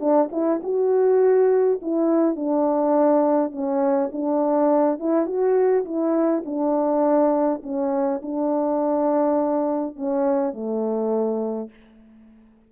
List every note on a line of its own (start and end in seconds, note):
0.00 0.29 D4
0.32 0.61 E4
0.63 1.80 F#4
1.82 2.36 E4
2.36 3.52 D4
3.52 4.10 C#4
4.12 4.99 D4
4.99 5.26 E4
5.26 5.84 F#4
5.85 6.43 E4
6.45 7.62 D4
7.63 8.21 C#4
8.22 9.96 D4
9.96 10.53 C#4
10.53 11.70 A3